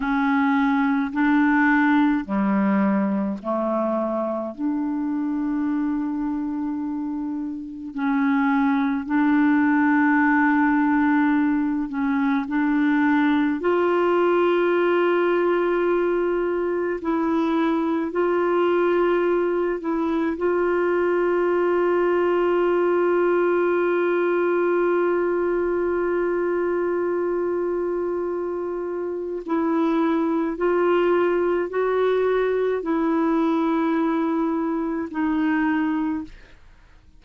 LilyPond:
\new Staff \with { instrumentName = "clarinet" } { \time 4/4 \tempo 4 = 53 cis'4 d'4 g4 a4 | d'2. cis'4 | d'2~ d'8 cis'8 d'4 | f'2. e'4 |
f'4. e'8 f'2~ | f'1~ | f'2 e'4 f'4 | fis'4 e'2 dis'4 | }